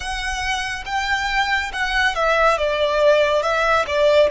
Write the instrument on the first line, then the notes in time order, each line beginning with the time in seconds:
violin
0.00 F#5
0.85 G5
1.72 F#5
2.15 E5
2.57 D5
3.42 E5
3.86 D5